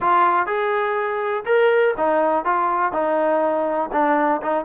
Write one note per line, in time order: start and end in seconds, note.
0.00 0.46 F4
0.46 1.44 G#4
1.45 1.94 A#4
1.97 2.44 D#4
2.44 2.92 F4
2.92 3.90 D#4
3.92 4.41 D4
4.41 4.65 D#4